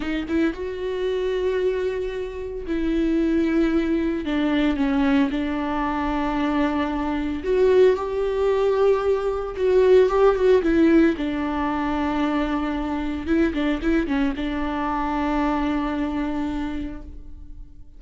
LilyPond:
\new Staff \with { instrumentName = "viola" } { \time 4/4 \tempo 4 = 113 dis'8 e'8 fis'2.~ | fis'4 e'2. | d'4 cis'4 d'2~ | d'2 fis'4 g'4~ |
g'2 fis'4 g'8 fis'8 | e'4 d'2.~ | d'4 e'8 d'8 e'8 cis'8 d'4~ | d'1 | }